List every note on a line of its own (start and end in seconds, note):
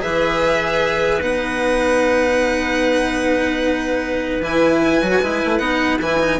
0.00 1.21 E3
0.00 1.20 G#4
0.00 6.40 B4
0.00 1.22 E5
1.21 4.41 B3
1.21 4.42 D#4
1.21 4.42 F#5
4.41 5.01 E3
4.41 5.02 E4
4.41 5.58 G#5
5.02 5.22 F#3
5.02 5.22 F#4
5.22 5.42 G#3
5.22 5.60 E4
5.45 5.59 A3
5.58 5.99 B3
5.58 6.00 D#4
5.58 5.98 F#5
6.01 6.40 E3
6.01 6.20 E4
6.01 6.40 G#5
6.20 6.40 D#4